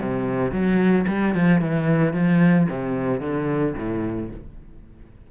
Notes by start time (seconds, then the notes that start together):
0.00 C3
0.52 F#3
1.07 G3
1.34 F3
1.61 E3
2.13 F3
2.69 C3
3.20 D3
3.76 A2